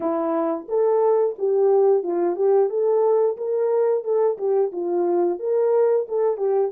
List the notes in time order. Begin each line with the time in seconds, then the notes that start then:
0.00 E4
0.68 A4
1.38 G4
2.03 F4
2.36 G4
2.69 A4
3.37 A#4
4.04 A4
4.38 G4
4.72 F4
5.39 A#4
6.08 A4
6.37 G4